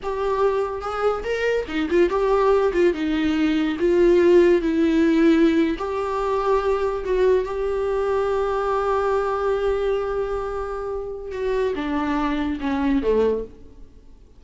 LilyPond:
\new Staff \with { instrumentName = "viola" } { \time 4/4 \tempo 4 = 143 g'2 gis'4 ais'4 | dis'8 f'8 g'4. f'8 dis'4~ | dis'4 f'2 e'4~ | e'4.~ e'16 g'2~ g'16~ |
g'8. fis'4 g'2~ g'16~ | g'1~ | g'2. fis'4 | d'2 cis'4 a4 | }